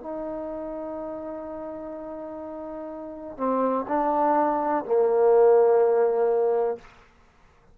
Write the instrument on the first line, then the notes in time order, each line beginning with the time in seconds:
trombone
0.00 D#4
3.37 C4
3.88 D4
4.85 A#3